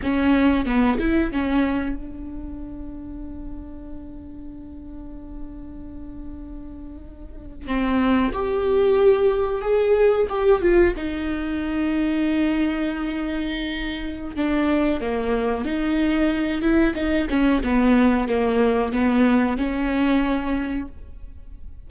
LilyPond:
\new Staff \with { instrumentName = "viola" } { \time 4/4 \tempo 4 = 92 cis'4 b8 e'8 cis'4 d'4~ | d'1~ | d'2.~ d'8. c'16~ | c'8. g'2 gis'4 g'16~ |
g'16 f'8 dis'2.~ dis'16~ | dis'2 d'4 ais4 | dis'4. e'8 dis'8 cis'8 b4 | ais4 b4 cis'2 | }